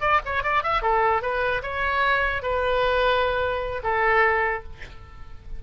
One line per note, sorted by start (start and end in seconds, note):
0.00 0.20 D5
0.25 0.43 C#5
0.43 0.63 D5
0.63 0.82 E5
0.82 1.22 A4
1.22 1.62 B4
1.62 2.42 C#5
2.42 3.82 B4
3.83 4.63 A4